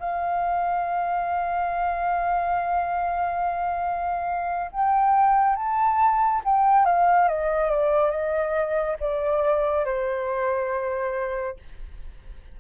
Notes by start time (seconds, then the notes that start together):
0.00 F5
4.73 G5
5.56 A5
6.45 G5
6.86 F5
7.29 D#5
7.71 D5
8.11 D#5
9.00 D5
9.85 C5